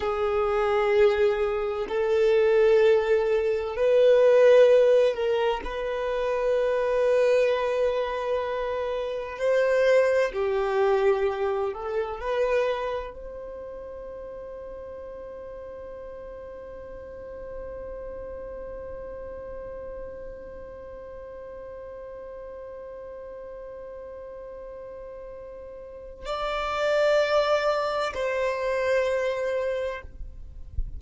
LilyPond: \new Staff \with { instrumentName = "violin" } { \time 4/4 \tempo 4 = 64 gis'2 a'2 | b'4. ais'8 b'2~ | b'2 c''4 g'4~ | g'8 a'8 b'4 c''2~ |
c''1~ | c''1~ | c''1 | d''2 c''2 | }